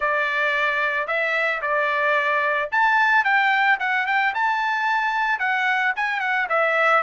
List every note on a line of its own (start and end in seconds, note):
0.00 1.07 D5
1.07 1.61 E5
1.61 2.69 D5
2.71 3.24 A5
3.24 3.78 G5
3.79 4.06 F#5
4.06 4.33 G5
4.34 5.39 A5
5.39 5.93 F#5
5.96 6.20 G#5
6.20 6.47 F#5
6.49 7.02 E5